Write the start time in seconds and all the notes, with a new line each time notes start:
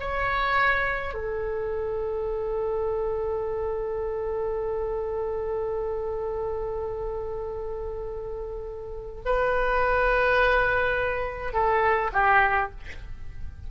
0.00 C#5
1.14 A4
9.25 B4
11.53 A4
12.13 G4